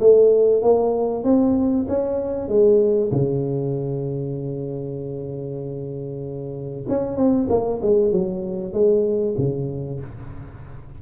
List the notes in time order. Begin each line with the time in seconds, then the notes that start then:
0.00 A3
0.62 A#3
1.24 C4
1.88 C#4
2.48 G#3
3.11 C#3
6.89 C#4
7.17 C4
7.49 A#3
7.82 G#3
8.12 F#3
8.73 G#3
9.38 C#3